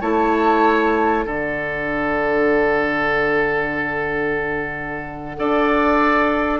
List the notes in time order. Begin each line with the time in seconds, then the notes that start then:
0.00 A3 E4 C#5 A5
1.25 D3 D4 A4 F#5
5.37 D4 A4 D5